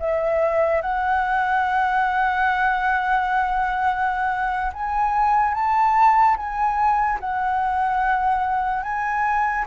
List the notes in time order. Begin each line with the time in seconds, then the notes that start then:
0.00 E5
0.82 F#5
4.74 G#5
5.54 A5
6.37 G#5
7.21 F#5
8.83 G#5